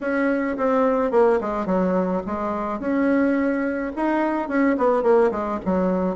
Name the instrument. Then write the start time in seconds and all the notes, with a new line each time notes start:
bassoon
0.01 C#4
0.57 C4
1.11 A#3
1.40 G#3
1.66 F#3
2.26 G#3
2.79 C#4
3.96 D#4
4.48 C#4
4.77 B3
5.02 A#3
5.31 G#3
5.65 F#3